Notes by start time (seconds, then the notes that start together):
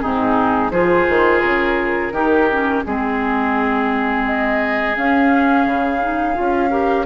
0.00 G#2 C4 D#4 G#4
0.71 F3 F4 G#4 C5
1.09 D#3
1.42 C#3 A#4
2.12 D#3 D#4 G4
2.51 C#4
2.84 G#3 C4 G#4
4.26 D#5
4.97 C#4 F5
5.66 C#3
6.01 D#4
6.35 C#4 F4
6.71 G4 A#4